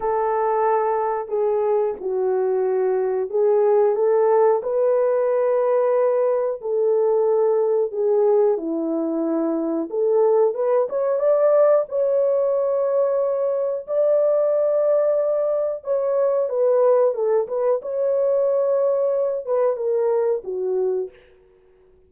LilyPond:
\new Staff \with { instrumentName = "horn" } { \time 4/4 \tempo 4 = 91 a'2 gis'4 fis'4~ | fis'4 gis'4 a'4 b'4~ | b'2 a'2 | gis'4 e'2 a'4 |
b'8 cis''8 d''4 cis''2~ | cis''4 d''2. | cis''4 b'4 a'8 b'8 cis''4~ | cis''4. b'8 ais'4 fis'4 | }